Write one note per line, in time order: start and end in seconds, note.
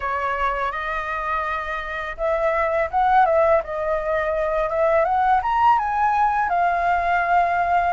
0.00 0.71 C#5
0.71 2.16 D#5
2.17 2.89 E5
2.90 3.25 F#5
3.25 3.61 E5
3.63 4.69 D#5
4.69 5.04 E5
5.04 5.40 F#5
5.42 5.78 A#5
5.78 6.49 G#5
6.49 7.93 F5